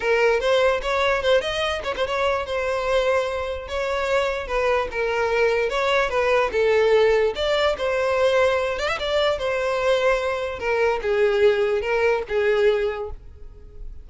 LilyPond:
\new Staff \with { instrumentName = "violin" } { \time 4/4 \tempo 4 = 147 ais'4 c''4 cis''4 c''8 dis''8~ | dis''8 cis''16 c''16 cis''4 c''2~ | c''4 cis''2 b'4 | ais'2 cis''4 b'4 |
a'2 d''4 c''4~ | c''4. d''16 e''16 d''4 c''4~ | c''2 ais'4 gis'4~ | gis'4 ais'4 gis'2 | }